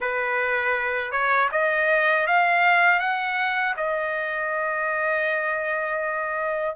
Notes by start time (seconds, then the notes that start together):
0.00 B4
1.11 C#5
1.51 D#5
2.26 F5
2.99 F#5
3.77 D#5